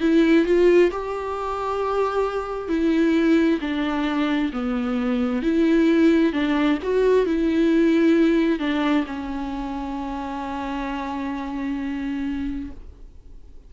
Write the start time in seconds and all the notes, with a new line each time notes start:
0.00 E4
0.45 F4
0.91 G4
2.68 E4
3.60 D4
4.52 B3
5.42 E4
6.32 D4
6.83 F#4
7.26 E4
8.59 D4
9.07 C#4